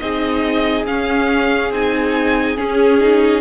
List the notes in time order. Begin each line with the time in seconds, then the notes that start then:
0.00 C4 D#4 G#4 D#5
0.86 C#4 F5
1.72 C4 D#4 G#5
2.58 C#4 G#4
3.01 D#4